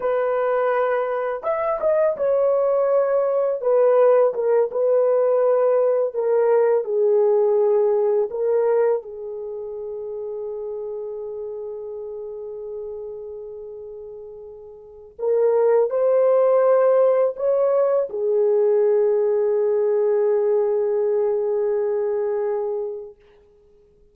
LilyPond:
\new Staff \with { instrumentName = "horn" } { \time 4/4 \tempo 4 = 83 b'2 e''8 dis''8 cis''4~ | cis''4 b'4 ais'8 b'4.~ | b'8 ais'4 gis'2 ais'8~ | ais'8 gis'2.~ gis'8~ |
gis'1~ | gis'4 ais'4 c''2 | cis''4 gis'2.~ | gis'1 | }